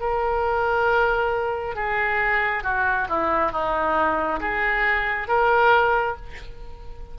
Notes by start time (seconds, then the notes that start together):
0.00 A#4
1.75 G#4
2.64 F#4
3.09 E4
3.52 D#4
4.40 G#4
5.28 A#4